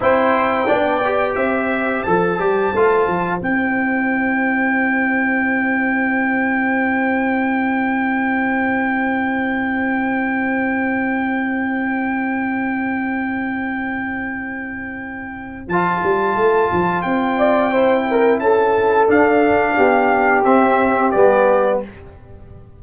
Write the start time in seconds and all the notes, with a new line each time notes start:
0.00 C4 E4 C5 G5
0.66 B3 D4 D5
1.05 G4
1.35 C4 C5 E5
2.03 F3 A4 A5
2.39 G3 G4
2.74 A3 F4
3.07 F3
3.39 C4 E4 G5
15.67 F3 F4 A5
16.03 G3
16.35 A3
16.72 F3
17.02 C4 G5
17.37 D5
17.71 E4 C5
18.10 A#4
18.39 C#4 A4 A5
19.08 D4 F5
19.77 B3 G4
20.43 C4 E5
21.11 G3 B3 D5